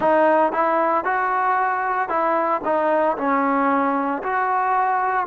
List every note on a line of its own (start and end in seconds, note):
0.00 0.52 D#4
0.52 1.04 E4
1.04 2.08 F#4
2.08 2.61 E4
2.64 3.16 D#4
3.17 4.22 C#4
4.22 5.26 F#4